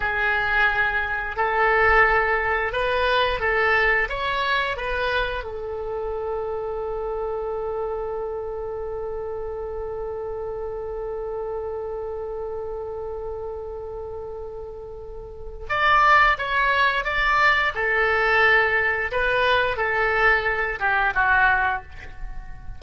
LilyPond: \new Staff \with { instrumentName = "oboe" } { \time 4/4 \tempo 4 = 88 gis'2 a'2 | b'4 a'4 cis''4 b'4 | a'1~ | a'1~ |
a'1~ | a'2. d''4 | cis''4 d''4 a'2 | b'4 a'4. g'8 fis'4 | }